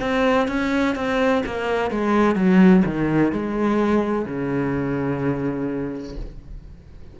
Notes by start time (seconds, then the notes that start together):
0.00 C4
0.48 C#4
0.95 C4
1.45 A#3
1.90 G#3
2.35 F#3
2.85 D#3
3.32 G#3
4.26 C#3